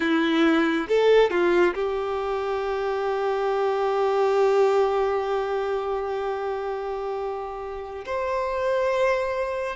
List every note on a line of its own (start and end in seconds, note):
0.00 0.87 E4
0.88 1.30 A4
1.30 1.74 F4
1.74 8.04 G4
8.05 9.76 C5